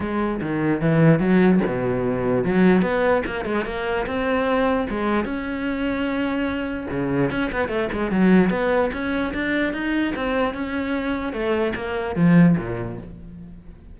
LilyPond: \new Staff \with { instrumentName = "cello" } { \time 4/4 \tempo 4 = 148 gis4 dis4 e4 fis4 | b,2 fis4 b4 | ais8 gis8 ais4 c'2 | gis4 cis'2.~ |
cis'4 cis4 cis'8 b8 a8 gis8 | fis4 b4 cis'4 d'4 | dis'4 c'4 cis'2 | a4 ais4 f4 ais,4 | }